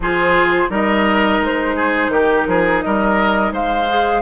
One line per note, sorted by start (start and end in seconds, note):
0.00 0.66 F3
0.00 0.68 F4
0.00 0.70 G#4
0.00 0.72 C5
0.68 1.40 G3
0.68 3.86 D#4
0.68 1.76 A#4
0.68 1.44 D#5
1.40 2.08 G#3
1.40 2.13 C5
1.76 2.11 G#4
2.08 2.43 D#3
2.08 2.47 G4
2.08 2.81 A#4
2.47 2.82 F3
2.47 2.84 G#4
2.81 3.52 G3
2.81 3.52 A#4
2.81 3.52 D#5
3.52 4.21 G#3
3.52 4.21 C5
3.52 4.21 F5
3.88 4.21 G#4